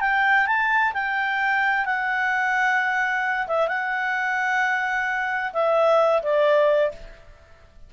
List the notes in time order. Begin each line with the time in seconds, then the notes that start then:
0.00 G5
0.46 A5
0.93 G5
1.85 F#5
3.47 E5
3.67 F#5
5.53 E5
6.22 D5